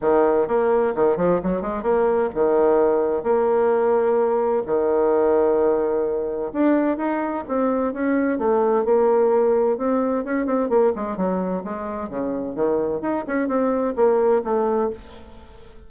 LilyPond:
\new Staff \with { instrumentName = "bassoon" } { \time 4/4 \tempo 4 = 129 dis4 ais4 dis8 f8 fis8 gis8 | ais4 dis2 ais4~ | ais2 dis2~ | dis2 d'4 dis'4 |
c'4 cis'4 a4 ais4~ | ais4 c'4 cis'8 c'8 ais8 gis8 | fis4 gis4 cis4 dis4 | dis'8 cis'8 c'4 ais4 a4 | }